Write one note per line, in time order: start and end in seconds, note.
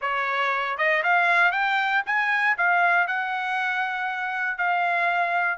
0.01 0.77 C#5
0.77 1.02 D#5
1.03 1.51 F5
1.51 2.02 G5
2.05 2.56 G#5
2.57 3.07 F5
3.07 4.57 F#5
4.57 5.58 F5